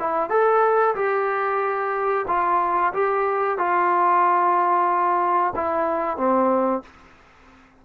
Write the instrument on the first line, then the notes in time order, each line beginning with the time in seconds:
trombone
0.00 E4
0.30 A4
0.95 G4
2.28 F4
2.93 G4
3.58 F4
5.56 E4
6.17 C4